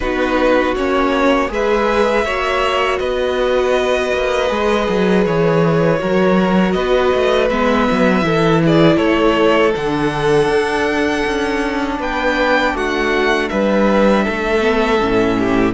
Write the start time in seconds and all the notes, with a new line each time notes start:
0.00 B3 D#4 F#4 B4
0.75 A#3 C#4 C#5
1.48 G#3 G#4 B4 E5
2.24 A#3 F#4 C#5
2.99 B3 B4 D#5
4.12 A#3
4.48 G#3 G#4
4.88 F#3
5.26 E3 C#5
5.99 F#3 F#4 A#4
6.72 B3 B4 D#5
7.14 A3
7.49 G#3 B3 E5
7.90 F#3
8.21 E3 E4 A4
8.64 G#4 D5
8.96 A3 A4 C#5
9.75 D3 D4 F#5
10.48 D4
11.26 C#4
11.99 B3 B4 G5
12.74 A3 F#4 F#5
13.48 G3 B4 E5
14.24 A3 A4
14.60 B3
15.00 A2 C#4
15.38 G4